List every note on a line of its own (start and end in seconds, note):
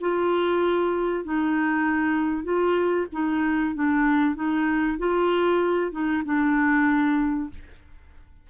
0.00 1.24 F4
1.24 2.43 D#4
2.43 3.06 F4
3.12 3.74 D#4
3.74 4.35 D4
4.35 4.97 D#4
4.98 5.91 F4
5.91 6.22 D#4
6.24 7.49 D4